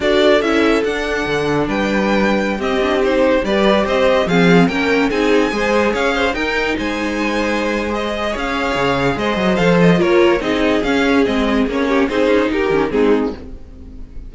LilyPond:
<<
  \new Staff \with { instrumentName = "violin" } { \time 4/4 \tempo 4 = 144 d''4 e''4 fis''2 | g''2~ g''16 dis''4 c''8.~ | c''16 d''4 dis''4 f''4 g''8.~ | g''16 gis''2 f''4 g''8.~ |
g''16 gis''2~ gis''8. dis''4 | f''2 dis''4 f''8 dis''8 | cis''4 dis''4 f''4 dis''4 | cis''4 c''4 ais'4 gis'4 | }
  \new Staff \with { instrumentName = "violin" } { \time 4/4 a'1 | b'2~ b'16 g'4.~ g'16~ | g'16 b'4 c''4 gis'4 ais'8.~ | ais'16 gis'4 c''4 cis''8 c''8 ais'8.~ |
ais'16 c''2.~ c''8. | cis''2 c''2 | ais'4 gis'2.~ | gis'8 g'8 gis'4 g'4 dis'4 | }
  \new Staff \with { instrumentName = "viola" } { \time 4/4 fis'4 e'4 d'2~ | d'2~ d'16 c'8 d'8 dis'8.~ | dis'16 g'2 c'4 cis'8.~ | cis'16 dis'4 gis'2 dis'8.~ |
dis'2. gis'4~ | gis'2. a'4 | f'4 dis'4 cis'4 c'4 | cis'4 dis'4. cis'8 c'4 | }
  \new Staff \with { instrumentName = "cello" } { \time 4/4 d'4 cis'4 d'4 d4 | g2~ g16 c'4.~ c'16~ | c'16 g4 c'4 f4 ais8.~ | ais16 c'4 gis4 cis'4 dis'8.~ |
dis'16 gis2.~ gis8. | cis'4 cis4 gis8 fis8 f4 | ais4 c'4 cis'4 gis4 | ais4 c'8 cis'8 dis'8 dis8 gis4 | }
>>